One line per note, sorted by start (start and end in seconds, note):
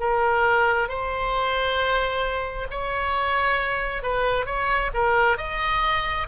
0.00 0.89 A#4
0.89 2.68 C5
2.71 4.03 C#5
4.03 4.46 B4
4.46 4.91 C#5
4.94 5.38 A#4
5.38 6.27 D#5